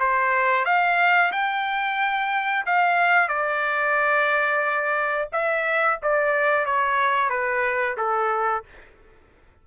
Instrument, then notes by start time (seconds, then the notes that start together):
trumpet
0.00 C5
0.65 F5
1.32 G5
2.66 F5
3.29 D5
5.33 E5
6.03 D5
6.66 C#5
7.30 B4
7.98 A4